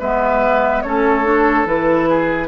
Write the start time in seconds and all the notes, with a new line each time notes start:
0.00 G#3 B3 B4 E5
0.83 A3 C#4 A4 C#5
1.24 D4
1.66 E3 E4 B4
2.10 G#4